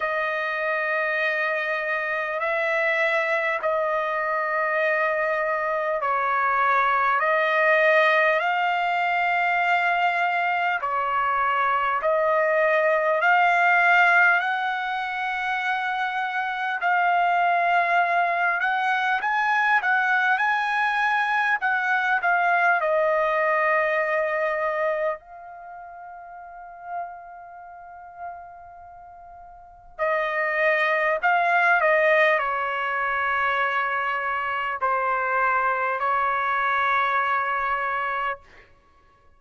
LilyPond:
\new Staff \with { instrumentName = "trumpet" } { \time 4/4 \tempo 4 = 50 dis''2 e''4 dis''4~ | dis''4 cis''4 dis''4 f''4~ | f''4 cis''4 dis''4 f''4 | fis''2 f''4. fis''8 |
gis''8 fis''8 gis''4 fis''8 f''8 dis''4~ | dis''4 f''2.~ | f''4 dis''4 f''8 dis''8 cis''4~ | cis''4 c''4 cis''2 | }